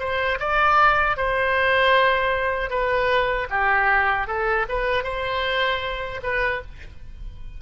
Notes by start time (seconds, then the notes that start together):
0.00 C5
0.40 D5
1.17 C5
2.70 B4
3.50 G4
4.28 A4
4.69 B4
5.04 C5
6.23 B4